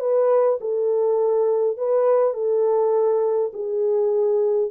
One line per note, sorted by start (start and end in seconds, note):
0.00 0.59 B4
0.61 1.78 A4
1.78 2.34 B4
2.34 3.52 A4
3.54 4.71 G#4